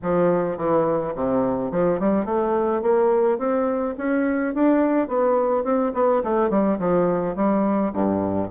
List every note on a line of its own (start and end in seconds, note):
0.02 0.57 F3
0.57 1.13 E3
1.15 1.71 C3
1.71 1.99 F3
1.99 2.25 G3
2.25 2.81 A3
2.81 3.38 A#3
3.38 3.95 C4
3.97 4.54 C#4
4.54 5.08 D4
5.08 5.63 B3
5.63 5.92 C4
5.94 6.22 B3
6.23 6.50 A3
6.50 6.78 G3
6.78 7.35 F3
7.35 7.92 G3
7.93 8.49 G2